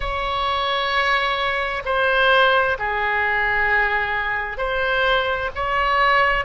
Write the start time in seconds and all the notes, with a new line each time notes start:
0.00 C#5
1.85 C5
2.78 G#4
4.57 C5
5.55 C#5